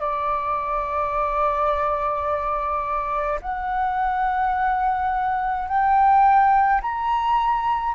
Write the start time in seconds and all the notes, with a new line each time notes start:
0.00 D5
3.42 F#5
5.68 G5
6.81 A#5